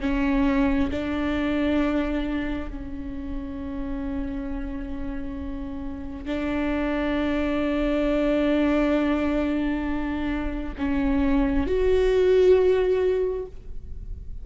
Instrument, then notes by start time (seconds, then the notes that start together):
viola
0.00 C#4
0.90 D4
2.69 C#4
6.25 D4
10.77 C#4
11.67 F#4